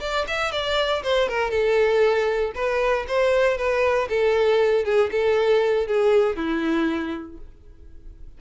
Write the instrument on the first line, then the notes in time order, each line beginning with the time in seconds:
violin
0.00 D5
0.27 E5
0.52 D5
1.03 C5
1.28 A#4
1.51 A4
2.55 B4
3.08 C5
3.57 B4
4.09 A4
4.85 G#4
5.11 A4
5.87 G#4
6.36 E4